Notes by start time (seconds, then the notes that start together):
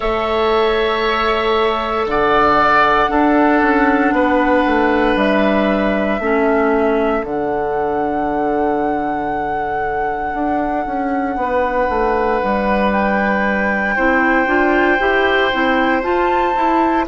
0.00 A3 A4 C#5 E5
2.06 D3 D5 F#5
3.08 D4 A4
3.61 C#4
4.11 B3 B4
4.66 A3
5.15 G3 E5
6.19 A3 C#4 A4
7.23 D3 D4 F#5
10.33 D4
10.86 C#4
11.36 B3 B4
11.89 A3
12.43 G3
12.91 G5
13.95 C4 E4 C5
14.46 D4 F4
14.99 E4 G4
15.53 C4 E4
16.02 F4 A5
16.55 E4